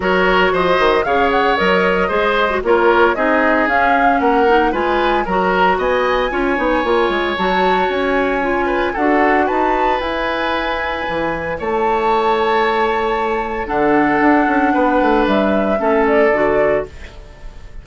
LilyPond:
<<
  \new Staff \with { instrumentName = "flute" } { \time 4/4 \tempo 4 = 114 cis''4 dis''4 f''8 fis''8 dis''4~ | dis''4 cis''4 dis''4 f''4 | fis''4 gis''4 ais''4 gis''4~ | gis''2 a''4 gis''4~ |
gis''4 fis''4 a''4 gis''4~ | gis''2 a''2~ | a''2 fis''2~ | fis''4 e''4. d''4. | }
  \new Staff \with { instrumentName = "oboe" } { \time 4/4 ais'4 c''4 cis''2 | c''4 ais'4 gis'2 | ais'4 b'4 ais'4 dis''4 | cis''1~ |
cis''8 b'8 a'4 b'2~ | b'2 cis''2~ | cis''2 a'2 | b'2 a'2 | }
  \new Staff \with { instrumentName = "clarinet" } { \time 4/4 fis'2 gis'4 ais'4 | gis'8. fis'16 f'4 dis'4 cis'4~ | cis'8 dis'8 f'4 fis'2 | f'8 dis'8 f'4 fis'2 |
f'4 fis'2 e'4~ | e'1~ | e'2 d'2~ | d'2 cis'4 fis'4 | }
  \new Staff \with { instrumentName = "bassoon" } { \time 4/4 fis4 f8 dis8 cis4 fis4 | gis4 ais4 c'4 cis'4 | ais4 gis4 fis4 b4 | cis'8 b8 ais8 gis8 fis4 cis'4~ |
cis'4 d'4 dis'4 e'4~ | e'4 e4 a2~ | a2 d4 d'8 cis'8 | b8 a8 g4 a4 d4 | }
>>